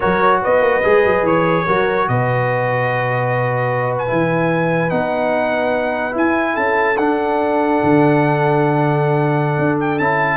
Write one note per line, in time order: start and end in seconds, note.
0.00 0.45 F#3
0.00 0.82 F#4
0.00 0.41 A#4
0.00 0.40 C#5
0.41 0.60 B3
0.41 1.66 B4
0.41 1.26 D#5
0.60 0.81 A#3
0.83 1.04 G#3
0.83 1.66 G#4
1.04 1.22 F#3
1.22 1.64 E3
1.22 2.08 C#5
1.66 2.08 F#3
1.66 4.06 F#4
1.66 2.08 A#4
2.08 4.06 B2
2.08 6.53 B4
2.08 3.95 D#5
3.97 4.89 G#5
4.06 4.91 E3
4.06 4.89 E4
4.89 6.15 B3
4.89 6.11 D#4
4.89 6.14 F#5
6.11 6.94 E4
6.11 6.56 E4
6.11 6.56 G#5
6.53 6.97 C#4
6.53 10.37 A4
6.53 6.97 A5
6.97 7.80 D4
6.97 9.99 D4
6.97 9.79 F#5
7.83 9.58 D3
9.58 9.99 D4
9.80 9.98 G5
9.98 10.37 C#4
9.98 10.37 E4
9.98 10.37 A5